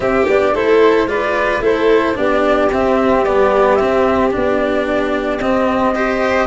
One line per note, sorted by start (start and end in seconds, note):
0.00 0.26 C4
0.00 0.27 C4
0.00 0.53 G4
0.00 0.27 E5
0.28 0.53 B3
0.28 0.55 D4
0.28 0.55 D5
0.53 1.05 A3
0.53 1.07 E4
0.53 1.08 A4
0.53 1.08 C5
1.05 1.59 G#3
1.05 1.61 F4
1.05 1.63 B4
1.05 1.62 D5
1.60 2.14 A3
1.60 2.14 E4
1.60 2.16 A4
1.60 2.16 C5
2.14 2.71 B3
2.14 2.68 D4
2.14 5.94 G4
2.14 2.70 D5
2.71 3.23 C4
2.71 3.26 C4
2.71 3.25 E5
3.23 3.77 G3
3.23 3.79 B3
3.23 3.75 D5
3.75 4.31 C4
3.75 4.33 C4
3.75 4.29 E5
4.31 5.40 B3
4.31 5.39 D4
4.31 5.40 D5
5.40 6.46 C4
5.40 5.95 C4
5.40 6.46 D#5
5.94 6.46 G4
5.94 6.46 C5